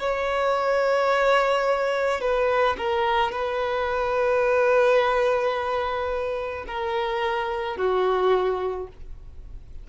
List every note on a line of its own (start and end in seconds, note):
0.00 2.21 C#5
2.21 2.77 B4
2.78 3.32 A#4
3.32 6.66 B4
6.68 7.77 A#4
7.77 8.88 F#4